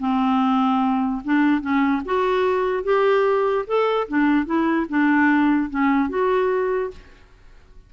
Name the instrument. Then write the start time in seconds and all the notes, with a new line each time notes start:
clarinet
0.00 C4
1.25 D4
1.61 C#4
2.05 F#4
2.84 G4
3.67 A4
4.08 D4
4.46 E4
4.89 D4
5.70 C#4
6.09 F#4